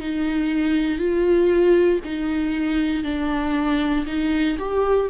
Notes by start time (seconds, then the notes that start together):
0.00 D#4
0.98 F4
2.04 D#4
3.04 D4
4.06 D#4
4.59 G4